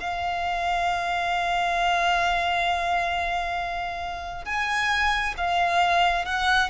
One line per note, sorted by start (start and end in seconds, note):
0.00 4.45 F5
4.45 5.35 G#5
5.37 6.25 F5
6.25 6.70 F#5